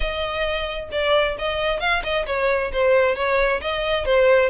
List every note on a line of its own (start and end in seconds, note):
0.00 0.89 D#5
0.91 1.36 D5
1.38 1.80 D#5
1.80 2.02 F5
2.03 2.26 D#5
2.26 2.71 C#5
2.72 3.15 C5
3.15 3.60 C#5
3.61 4.05 D#5
4.05 4.49 C5